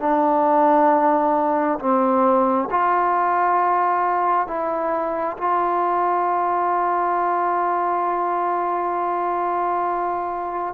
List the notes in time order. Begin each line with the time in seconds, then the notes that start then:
0.00 D4
1.80 C4
2.71 F4
4.48 E4
5.38 F4